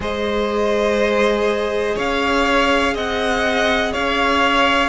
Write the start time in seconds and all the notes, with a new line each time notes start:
0.00 G#3 G#4 C5 D#5
1.95 C#4 C#5 F5
2.94 C4 D#5 F#5
3.92 C#4 C#5 F5